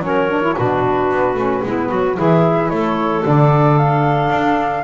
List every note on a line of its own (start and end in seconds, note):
0.00 0.54 F#3
0.00 0.30 C#4
0.00 0.57 A#4
0.00 0.57 C#5
0.30 0.42 D4
0.42 0.55 E4
0.56 1.10 B2
0.56 1.36 D4
0.56 1.64 F#4
0.56 2.18 B4
1.10 1.35 B3
1.35 1.61 A3
1.35 1.63 C#4
1.64 1.90 G#3
1.64 2.15 B3
1.64 1.89 E4
1.89 2.18 F#3
1.89 2.16 F#4
2.15 2.71 E3
2.15 3.22 E4
2.15 2.71 G#4
2.15 2.70 E5
2.70 3.24 A3
2.70 4.84 A4
2.70 3.24 C#5
3.23 4.30 D3
3.23 4.83 D4
3.23 3.78 D5
3.78 4.84 F5
4.30 4.83 D4